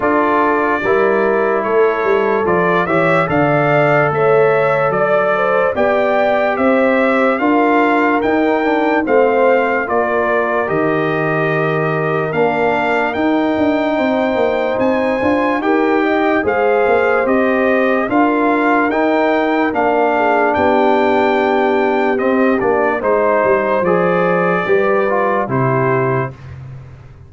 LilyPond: <<
  \new Staff \with { instrumentName = "trumpet" } { \time 4/4 \tempo 4 = 73 d''2 cis''4 d''8 e''8 | f''4 e''4 d''4 g''4 | e''4 f''4 g''4 f''4 | d''4 dis''2 f''4 |
g''2 gis''4 g''4 | f''4 dis''4 f''4 g''4 | f''4 g''2 dis''8 d''8 | c''4 d''2 c''4 | }
  \new Staff \with { instrumentName = "horn" } { \time 4/4 a'4 ais'4 a'4. cis''8 | d''4 cis''4 d''8 c''8 d''4 | c''4 ais'2 c''4 | ais'1~ |
ais'4 c''2 ais'8 dis''8 | c''2 ais'2~ | ais'8 gis'8 g'2. | c''2 b'4 g'4 | }
  \new Staff \with { instrumentName = "trombone" } { \time 4/4 f'4 e'2 f'8 g'8 | a'2. g'4~ | g'4 f'4 dis'8 d'8 c'4 | f'4 g'2 d'4 |
dis'2~ dis'8 f'8 g'4 | gis'4 g'4 f'4 dis'4 | d'2. c'8 d'8 | dis'4 gis'4 g'8 f'8 e'4 | }
  \new Staff \with { instrumentName = "tuba" } { \time 4/4 d'4 g4 a8 g8 f8 e8 | d4 a4 fis4 b4 | c'4 d'4 dis'4 a4 | ais4 dis2 ais4 |
dis'8 d'8 c'8 ais8 c'8 d'8 dis'4 | gis8 ais8 c'4 d'4 dis'4 | ais4 b2 c'8 ais8 | gis8 g8 f4 g4 c4 | }
>>